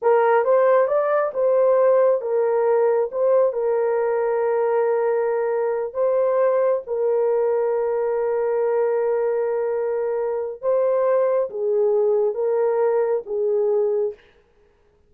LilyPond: \new Staff \with { instrumentName = "horn" } { \time 4/4 \tempo 4 = 136 ais'4 c''4 d''4 c''4~ | c''4 ais'2 c''4 | ais'1~ | ais'4. c''2 ais'8~ |
ais'1~ | ais'1 | c''2 gis'2 | ais'2 gis'2 | }